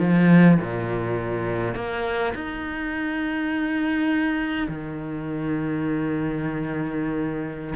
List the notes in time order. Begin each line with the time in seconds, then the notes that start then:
0.00 F3
0.61 A#2
1.75 A#3
2.35 D#4
4.68 D#3